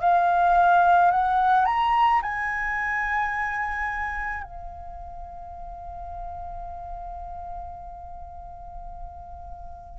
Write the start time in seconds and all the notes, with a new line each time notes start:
0.00 F5
1.11 F#5
1.66 A#5
2.22 G#5
4.43 F5